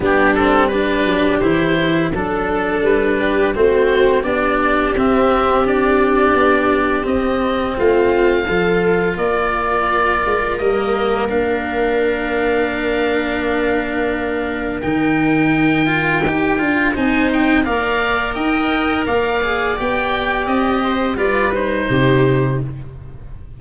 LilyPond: <<
  \new Staff \with { instrumentName = "oboe" } { \time 4/4 \tempo 4 = 85 g'8 a'8 b'4 c''4 a'4 | b'4 c''4 d''4 e''4 | d''2 dis''4 f''4~ | f''4 d''2 dis''4 |
f''1~ | f''4 g''2. | gis''8 g''8 f''4 g''4 f''4 | g''4 dis''4 d''8 c''4. | }
  \new Staff \with { instrumentName = "viola" } { \time 4/4 d'4 g'2 a'4~ | a'8 g'8 fis'4 g'2~ | g'2. f'4 | a'4 ais'2.~ |
ais'1~ | ais'1 | c''4 d''4 dis''4 d''4~ | d''4. c''8 b'4 g'4 | }
  \new Staff \with { instrumentName = "cello" } { \time 4/4 b8 c'8 d'4 e'4 d'4~ | d'4 c'4 d'4 c'4 | d'2 c'2 | f'2. ais4 |
d'1~ | d'4 dis'4. f'8 g'8 f'8 | dis'4 ais'2~ ais'8 gis'8 | g'2 f'8 dis'4. | }
  \new Staff \with { instrumentName = "tuba" } { \time 4/4 g4. fis8 e4 fis4 | g4 a4 b4 c'4~ | c'4 b4 c'4 a4 | f4 ais4. gis8 g4 |
ais1~ | ais4 dis2 dis'8 d'8 | c'4 ais4 dis'4 ais4 | b4 c'4 g4 c4 | }
>>